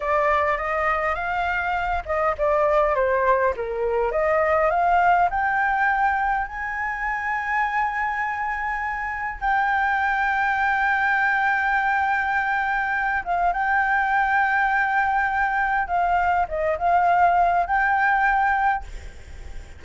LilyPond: \new Staff \with { instrumentName = "flute" } { \time 4/4 \tempo 4 = 102 d''4 dis''4 f''4. dis''8 | d''4 c''4 ais'4 dis''4 | f''4 g''2 gis''4~ | gis''1 |
g''1~ | g''2~ g''8 f''8 g''4~ | g''2. f''4 | dis''8 f''4. g''2 | }